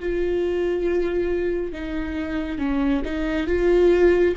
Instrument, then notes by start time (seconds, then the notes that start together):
viola
0.00 F4
1.73 D#4
2.59 C#4
3.05 D#4
3.47 F4